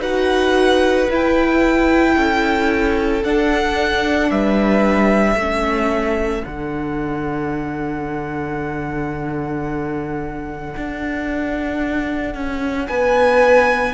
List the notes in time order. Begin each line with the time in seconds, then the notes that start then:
0.00 D#4 F#4 B4 F#5
1.10 E4 G5
2.16 C#4 A4
3.23 D4 F#5
4.30 G3 B4 E5
5.35 A3 C#4 A4
6.44 D3 D4 F#5
10.76 D4
12.34 C#4
12.87 B3 B4 G#5